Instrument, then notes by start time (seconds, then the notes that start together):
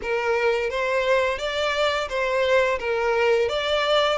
violin
0.02 A#4
0.70 C5
1.38 D5
2.09 C5
2.79 A#4
3.49 D5